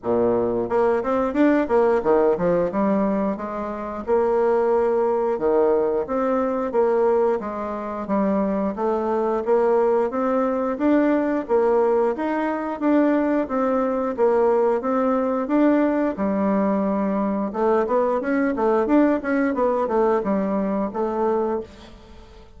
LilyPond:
\new Staff \with { instrumentName = "bassoon" } { \time 4/4 \tempo 4 = 89 ais,4 ais8 c'8 d'8 ais8 dis8 f8 | g4 gis4 ais2 | dis4 c'4 ais4 gis4 | g4 a4 ais4 c'4 |
d'4 ais4 dis'4 d'4 | c'4 ais4 c'4 d'4 | g2 a8 b8 cis'8 a8 | d'8 cis'8 b8 a8 g4 a4 | }